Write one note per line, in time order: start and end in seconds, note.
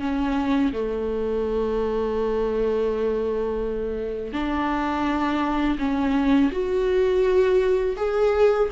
0.00 0.72 C#4
0.73 4.33 A3
4.33 5.78 D4
5.79 6.51 C#4
6.52 7.96 F#4
7.96 8.69 G#4